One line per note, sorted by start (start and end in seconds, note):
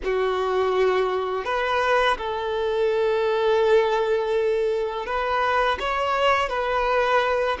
0.04 1.45 F#4
1.45 2.17 B4
2.17 5.05 A4
5.05 5.78 B4
5.79 6.49 C#5
6.49 7.57 B4